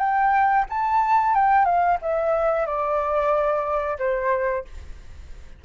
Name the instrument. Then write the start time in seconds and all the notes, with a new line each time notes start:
flute
0.00 G5
0.70 A5
1.35 G5
1.65 F5
2.02 E5
2.66 D5
3.99 C5